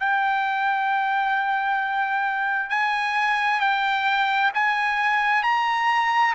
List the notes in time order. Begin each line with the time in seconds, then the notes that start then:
0.00 G5
2.70 G#5
3.60 G5
4.55 G#5
5.43 A#5